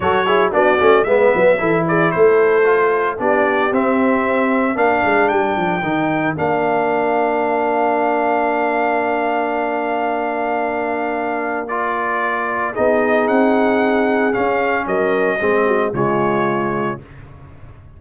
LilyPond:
<<
  \new Staff \with { instrumentName = "trumpet" } { \time 4/4 \tempo 4 = 113 cis''4 d''4 e''4. d''8 | c''2 d''4 e''4~ | e''4 f''4 g''2 | f''1~ |
f''1~ | f''2 d''2 | dis''4 fis''2 f''4 | dis''2 cis''2 | }
  \new Staff \with { instrumentName = "horn" } { \time 4/4 a'8 gis'8 fis'4 b'4 a'8 gis'8 | a'2 g'2~ | g'4 ais'2.~ | ais'1~ |
ais'1~ | ais'1 | gis'1 | ais'4 gis'8 fis'8 f'2 | }
  \new Staff \with { instrumentName = "trombone" } { \time 4/4 fis'8 e'8 d'8 cis'8 b4 e'4~ | e'4 f'4 d'4 c'4~ | c'4 d'2 dis'4 | d'1~ |
d'1~ | d'2 f'2 | dis'2. cis'4~ | cis'4 c'4 gis2 | }
  \new Staff \with { instrumentName = "tuba" } { \time 4/4 fis4 b8 a8 gis8 fis8 e4 | a2 b4 c'4~ | c'4 ais8 gis8 g8 f8 dis4 | ais1~ |
ais1~ | ais1 | b4 c'2 cis'4 | fis4 gis4 cis2 | }
>>